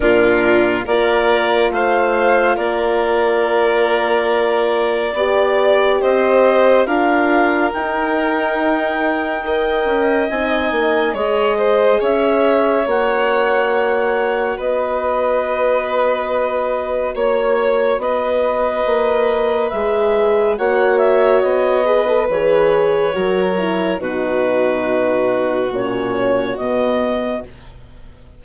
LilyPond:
<<
  \new Staff \with { instrumentName = "clarinet" } { \time 4/4 \tempo 4 = 70 ais'4 d''4 f''4 d''4~ | d''2. dis''4 | f''4 g''2. | gis''4 dis''4 e''4 fis''4~ |
fis''4 dis''2. | cis''4 dis''2 e''4 | fis''8 e''8 dis''4 cis''2 | b'2 cis''4 dis''4 | }
  \new Staff \with { instrumentName = "violin" } { \time 4/4 f'4 ais'4 c''4 ais'4~ | ais'2 d''4 c''4 | ais'2. dis''4~ | dis''4 cis''8 c''8 cis''2~ |
cis''4 b'2. | cis''4 b'2. | cis''4. b'4. ais'4 | fis'1 | }
  \new Staff \with { instrumentName = "horn" } { \time 4/4 d'4 f'2.~ | f'2 g'2 | f'4 dis'2 ais'4 | dis'4 gis'2 fis'4~ |
fis'1~ | fis'2. gis'4 | fis'4. gis'16 a'16 gis'4 fis'8 e'8 | dis'2 cis'4 b4 | }
  \new Staff \with { instrumentName = "bassoon" } { \time 4/4 ais,4 ais4 a4 ais4~ | ais2 b4 c'4 | d'4 dis'2~ dis'8 cis'8 | c'8 ais8 gis4 cis'4 ais4~ |
ais4 b2. | ais4 b4 ais4 gis4 | ais4 b4 e4 fis4 | b,2 ais,4 b,4 | }
>>